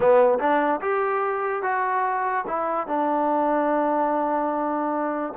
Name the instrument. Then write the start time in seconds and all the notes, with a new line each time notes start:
trombone
0.00 B3
0.39 D4
0.81 G4
1.62 F#4
2.47 E4
2.87 D4